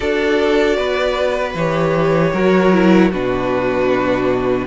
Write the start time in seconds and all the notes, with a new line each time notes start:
0.00 D4 F#4 A4 D5
0.76 B3 B4
1.54 E3 G4 C#5
2.33 F#3 F#4 A#4
2.72 E4
3.10 B2 D4 F#4 B4